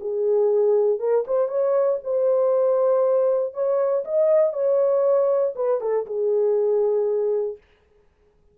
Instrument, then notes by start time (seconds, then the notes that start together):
horn
0.00 G#4
0.99 A#4
1.27 C5
1.48 C#5
2.04 C5
3.54 C#5
4.04 D#5
4.53 C#5
5.55 B4
5.80 A4
6.06 G#4